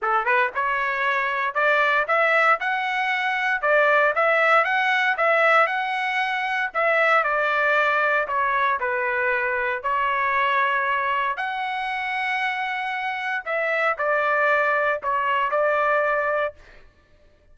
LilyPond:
\new Staff \with { instrumentName = "trumpet" } { \time 4/4 \tempo 4 = 116 a'8 b'8 cis''2 d''4 | e''4 fis''2 d''4 | e''4 fis''4 e''4 fis''4~ | fis''4 e''4 d''2 |
cis''4 b'2 cis''4~ | cis''2 fis''2~ | fis''2 e''4 d''4~ | d''4 cis''4 d''2 | }